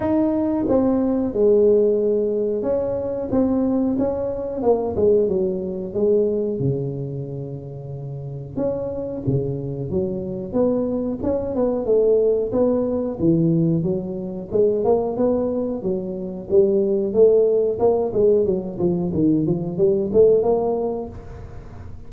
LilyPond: \new Staff \with { instrumentName = "tuba" } { \time 4/4 \tempo 4 = 91 dis'4 c'4 gis2 | cis'4 c'4 cis'4 ais8 gis8 | fis4 gis4 cis2~ | cis4 cis'4 cis4 fis4 |
b4 cis'8 b8 a4 b4 | e4 fis4 gis8 ais8 b4 | fis4 g4 a4 ais8 gis8 | fis8 f8 dis8 f8 g8 a8 ais4 | }